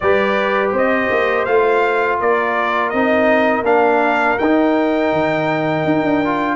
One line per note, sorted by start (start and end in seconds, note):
0.00 0.72 G3
0.00 1.47 G4
0.00 0.72 B4
0.00 0.70 D5
0.72 1.09 C4
0.72 2.18 C5
0.72 1.45 D#5
1.10 1.47 A#3
1.45 2.20 A3
1.45 2.93 F4
1.45 2.18 F5
2.19 2.93 A#3
2.19 6.56 A#4
2.19 2.89 D5
2.89 3.62 C4
2.89 3.64 D#4
2.89 3.62 D#5
3.62 4.36 A#3
3.62 4.37 D4
3.62 4.38 F5
4.38 5.12 D#4
4.38 6.24 D#4
4.38 6.56 G5
5.12 5.84 D#3
5.84 6.03 D#4
6.04 6.56 D4
6.24 6.56 F4